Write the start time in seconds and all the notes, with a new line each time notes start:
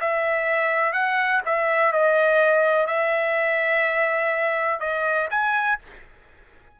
0.00 E5
0.92 F#5
1.45 E5
1.92 D#5
2.86 E5
4.80 D#5
5.30 G#5